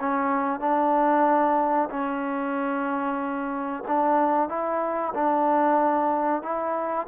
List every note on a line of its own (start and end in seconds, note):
0.00 0.61 C#4
0.61 1.90 D4
1.90 3.84 C#4
3.88 4.49 D4
4.49 5.14 E4
5.15 6.43 D4
6.43 7.07 E4